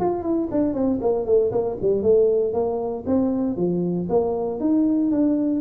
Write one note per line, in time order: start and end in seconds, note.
0.00 0.22 F4
0.22 0.48 E4
0.51 0.74 D4
0.74 0.99 C4
1.01 1.25 A#3
1.25 1.51 A3
1.52 1.77 A#3
1.81 2.02 G3
2.02 2.53 A3
2.53 3.04 A#3
3.07 3.56 C4
3.56 4.08 F3
4.09 4.60 A#3
4.60 5.11 D#4
5.11 5.60 D4